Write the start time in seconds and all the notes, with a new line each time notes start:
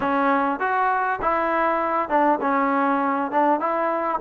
0.00 C#4
0.59 F#4
1.21 E4
2.09 D4
2.41 C#4
3.31 D4
3.60 E4